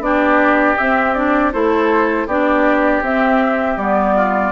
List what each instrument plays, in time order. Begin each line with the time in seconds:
0.00 bassoon B3, clarinet D4, oboe G4, flute D5
0.78 clarinet C4, bassoon C4, flute E5
1.15 clarinet D4, flute D5
1.53 bassoon A3, clarinet E4, oboe A4, flute C5
2.27 bassoon B3, clarinet D4, oboe G4, flute D5
3.02 bassoon C4, clarinet C4, flute E5
3.77 bassoon G3, clarinet B3, flute D5
4.15 oboe F4